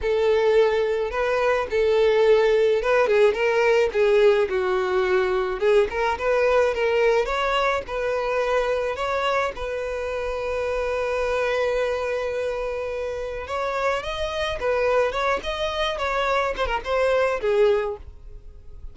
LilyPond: \new Staff \with { instrumentName = "violin" } { \time 4/4 \tempo 4 = 107 a'2 b'4 a'4~ | a'4 b'8 gis'8 ais'4 gis'4 | fis'2 gis'8 ais'8 b'4 | ais'4 cis''4 b'2 |
cis''4 b'2.~ | b'1 | cis''4 dis''4 b'4 cis''8 dis''8~ | dis''8 cis''4 c''16 ais'16 c''4 gis'4 | }